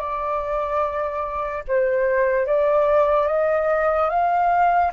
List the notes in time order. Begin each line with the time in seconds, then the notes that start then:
0.00 D5
1.68 C5
2.47 D5
3.28 D#5
4.10 F5